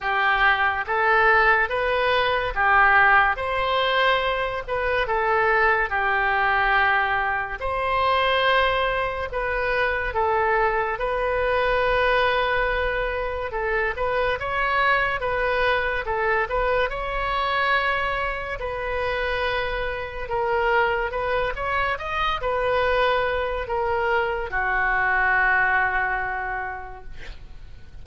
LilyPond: \new Staff \with { instrumentName = "oboe" } { \time 4/4 \tempo 4 = 71 g'4 a'4 b'4 g'4 | c''4. b'8 a'4 g'4~ | g'4 c''2 b'4 | a'4 b'2. |
a'8 b'8 cis''4 b'4 a'8 b'8 | cis''2 b'2 | ais'4 b'8 cis''8 dis''8 b'4. | ais'4 fis'2. | }